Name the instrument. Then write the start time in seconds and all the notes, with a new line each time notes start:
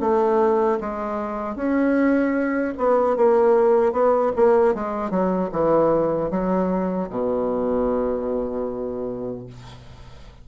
bassoon
0.00 A3
0.81 G#3
1.56 C#4
2.78 B3
3.17 A#3
3.93 B3
4.36 A#3
4.75 G#3
5.11 F#3
5.52 E3
6.31 F#3
7.10 B2